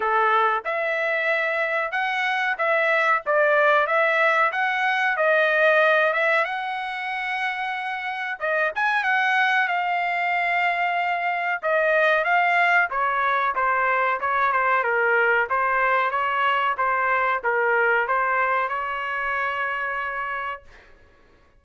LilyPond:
\new Staff \with { instrumentName = "trumpet" } { \time 4/4 \tempo 4 = 93 a'4 e''2 fis''4 | e''4 d''4 e''4 fis''4 | dis''4. e''8 fis''2~ | fis''4 dis''8 gis''8 fis''4 f''4~ |
f''2 dis''4 f''4 | cis''4 c''4 cis''8 c''8 ais'4 | c''4 cis''4 c''4 ais'4 | c''4 cis''2. | }